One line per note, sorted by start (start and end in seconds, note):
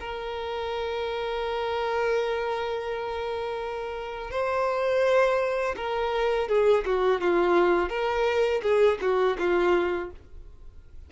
0.00 4.31 A#4
4.31 5.75 C5
5.76 6.48 A#4
6.48 6.84 G#4
6.86 7.21 F#4
7.21 7.89 F4
7.89 8.62 A#4
8.62 8.98 G#4
9.01 9.37 F#4
9.39 10.11 F4